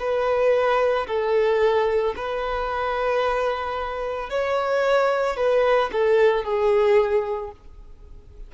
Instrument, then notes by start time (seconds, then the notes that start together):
violin
0.00 B4
1.08 A4
2.17 B4
4.30 C#5
5.37 B4
5.93 A4
6.45 G#4